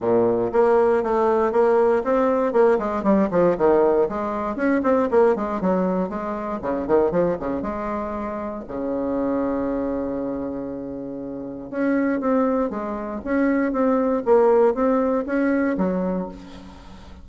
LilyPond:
\new Staff \with { instrumentName = "bassoon" } { \time 4/4 \tempo 4 = 118 ais,4 ais4 a4 ais4 | c'4 ais8 gis8 g8 f8 dis4 | gis4 cis'8 c'8 ais8 gis8 fis4 | gis4 cis8 dis8 f8 cis8 gis4~ |
gis4 cis2.~ | cis2. cis'4 | c'4 gis4 cis'4 c'4 | ais4 c'4 cis'4 fis4 | }